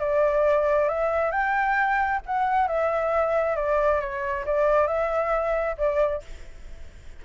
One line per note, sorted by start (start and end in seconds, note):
0.00 0.89 D5
0.89 1.32 E5
1.32 2.20 G5
2.26 2.68 F#5
2.68 3.56 E5
3.56 4.00 D5
4.00 4.45 C#5
4.46 4.87 D5
4.87 5.76 E5
5.78 6.22 D5